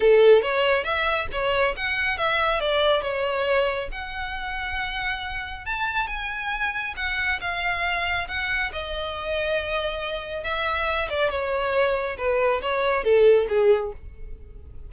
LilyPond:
\new Staff \with { instrumentName = "violin" } { \time 4/4 \tempo 4 = 138 a'4 cis''4 e''4 cis''4 | fis''4 e''4 d''4 cis''4~ | cis''4 fis''2.~ | fis''4 a''4 gis''2 |
fis''4 f''2 fis''4 | dis''1 | e''4. d''8 cis''2 | b'4 cis''4 a'4 gis'4 | }